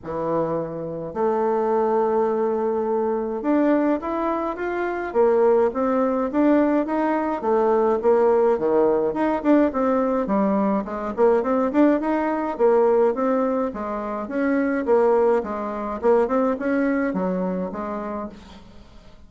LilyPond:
\new Staff \with { instrumentName = "bassoon" } { \time 4/4 \tempo 4 = 105 e2 a2~ | a2 d'4 e'4 | f'4 ais4 c'4 d'4 | dis'4 a4 ais4 dis4 |
dis'8 d'8 c'4 g4 gis8 ais8 | c'8 d'8 dis'4 ais4 c'4 | gis4 cis'4 ais4 gis4 | ais8 c'8 cis'4 fis4 gis4 | }